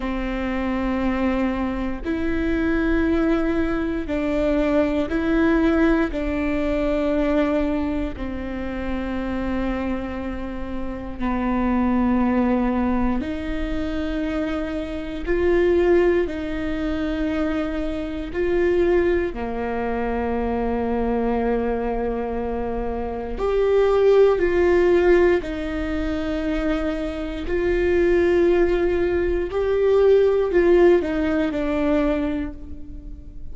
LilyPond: \new Staff \with { instrumentName = "viola" } { \time 4/4 \tempo 4 = 59 c'2 e'2 | d'4 e'4 d'2 | c'2. b4~ | b4 dis'2 f'4 |
dis'2 f'4 ais4~ | ais2. g'4 | f'4 dis'2 f'4~ | f'4 g'4 f'8 dis'8 d'4 | }